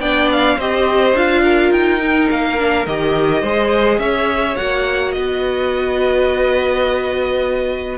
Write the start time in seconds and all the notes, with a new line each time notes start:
0.00 B3 D4 D5 G5
0.32 F5
0.57 C4 G4 C5 D#5
1.15 D4 F4 F5
1.43 A#4
1.72 D#4 G5
2.00 D#4
2.31 A#3 F5
2.58 D4
2.87 D#3 G4 D#5
3.42 G#3 G#4 C5
3.99 C#4 C#5 E5
4.57 A#3 F#4 F#5
5.12 B3 B4 D#5